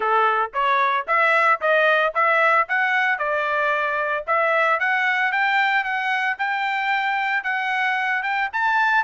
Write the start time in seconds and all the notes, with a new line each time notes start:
0.00 A4
0.53 C#5
1.07 E5
1.60 D#5
2.14 E5
2.68 F#5
3.18 D5
4.26 E5
4.79 F#5
5.31 G5
5.83 F#5
6.38 G5
7.43 F#5
8.22 G5
8.52 A5